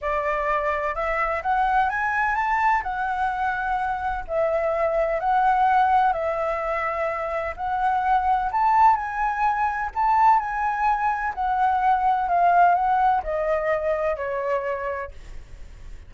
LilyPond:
\new Staff \with { instrumentName = "flute" } { \time 4/4 \tempo 4 = 127 d''2 e''4 fis''4 | gis''4 a''4 fis''2~ | fis''4 e''2 fis''4~ | fis''4 e''2. |
fis''2 a''4 gis''4~ | gis''4 a''4 gis''2 | fis''2 f''4 fis''4 | dis''2 cis''2 | }